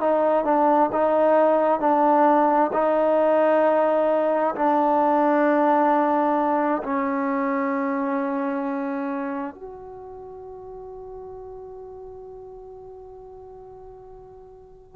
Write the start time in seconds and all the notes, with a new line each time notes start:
0.00 D#4
0.45 D4
0.93 D#4
1.80 D4
2.73 D#4
4.55 D4
6.83 C#4
9.55 F#4